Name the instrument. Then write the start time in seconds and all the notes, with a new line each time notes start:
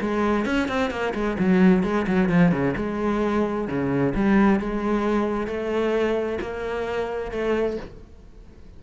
cello
0.00 G#3
0.45 C#4
0.68 C4
0.90 A#3
1.14 G#3
1.38 F#3
1.83 G#3
2.07 F#3
2.29 F3
2.51 C#3
2.76 G#3
3.67 C#3
4.15 G3
4.59 G#3
5.47 A3
6.41 A#3
7.31 A3